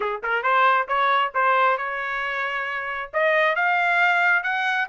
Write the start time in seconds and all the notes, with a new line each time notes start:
0.00 G#4
0.23 A#4
0.42 C5
0.87 C#5
1.34 C5
1.77 C#5
3.13 D#5
3.55 F5
4.43 F#5